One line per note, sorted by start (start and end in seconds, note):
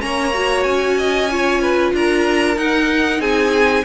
0.00 0.65 A#3
0.00 0.32 C#4
0.00 0.99 C#5
0.00 0.64 A#5
0.34 1.30 F#4
0.64 1.93 C#4
0.64 1.91 G#5
0.99 1.31 D#5
1.31 2.57 F4
1.31 1.62 C#5
1.62 1.94 B4
1.93 2.57 D4
1.93 3.21 A#4
1.93 2.58 A#5
2.57 3.85 D#4
2.57 3.20 D#4
2.57 3.21 F#5
3.20 3.84 C4
3.20 3.85 G#4
3.20 3.85 G#5